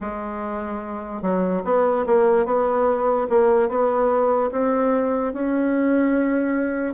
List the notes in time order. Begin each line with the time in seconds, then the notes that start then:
0.00 G#3
1.22 F#3
1.64 B3
2.06 A#3
2.45 B3
3.29 A#3
3.68 B3
4.51 C4
5.33 C#4